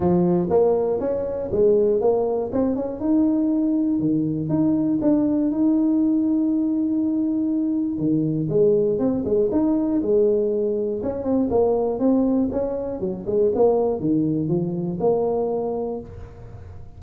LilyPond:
\new Staff \with { instrumentName = "tuba" } { \time 4/4 \tempo 4 = 120 f4 ais4 cis'4 gis4 | ais4 c'8 cis'8 dis'2 | dis4 dis'4 d'4 dis'4~ | dis'1 |
dis4 gis4 c'8 gis8 dis'4 | gis2 cis'8 c'8 ais4 | c'4 cis'4 fis8 gis8 ais4 | dis4 f4 ais2 | }